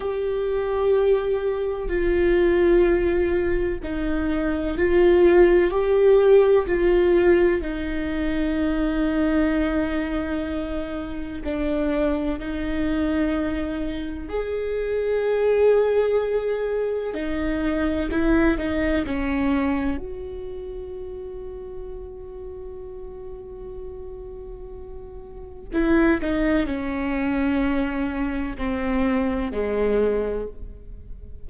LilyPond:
\new Staff \with { instrumentName = "viola" } { \time 4/4 \tempo 4 = 63 g'2 f'2 | dis'4 f'4 g'4 f'4 | dis'1 | d'4 dis'2 gis'4~ |
gis'2 dis'4 e'8 dis'8 | cis'4 fis'2.~ | fis'2. e'8 dis'8 | cis'2 c'4 gis4 | }